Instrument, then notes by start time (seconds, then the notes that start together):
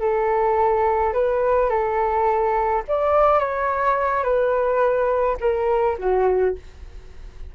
flute
0.00 A4
1.13 B4
1.70 A4
2.88 D5
3.39 C#5
4.24 B4
5.41 A#4
5.99 F#4